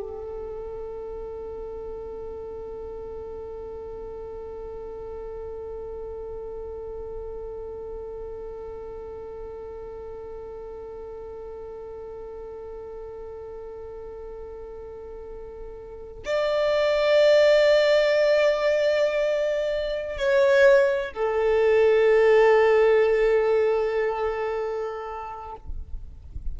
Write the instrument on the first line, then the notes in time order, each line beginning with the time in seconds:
violin
0.00 A4
16.25 D5
20.17 C#5
21.13 A4